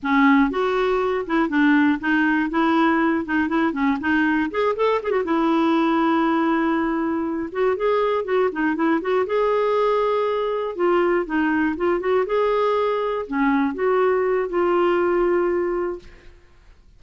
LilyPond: \new Staff \with { instrumentName = "clarinet" } { \time 4/4 \tempo 4 = 120 cis'4 fis'4. e'8 d'4 | dis'4 e'4. dis'8 e'8 cis'8 | dis'4 gis'8 a'8 gis'16 fis'16 e'4.~ | e'2. fis'8 gis'8~ |
gis'8 fis'8 dis'8 e'8 fis'8 gis'4.~ | gis'4. f'4 dis'4 f'8 | fis'8 gis'2 cis'4 fis'8~ | fis'4 f'2. | }